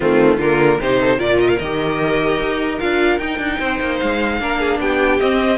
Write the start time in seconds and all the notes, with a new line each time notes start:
0.00 D#3 A3 C4 F4
0.37 D3 A#3 F4 A#4
0.79 C3 D#4 G4 C5
1.00 A4
1.17 A#2 F4 A#4 D5
1.40 D#5
1.48 F5
1.58 D#3 G4 D#5
2.39 D#4
2.79 D4 F4 F5
3.19 D#4 G5
3.38 D4
3.59 C4 C5
3.80 A#3
3.99 G#3 F5
4.40 A#3 D4 A#4
4.59 G#4
4.79 B3 G4 G5
5.20 C4 D#5